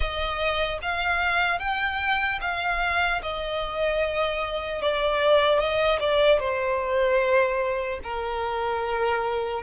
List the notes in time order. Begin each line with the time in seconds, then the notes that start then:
0.00 D#5
0.81 F5
1.59 G5
2.41 F5
3.22 D#5
4.81 D5
5.59 D#5
5.99 D5
6.39 C5
8.03 A#4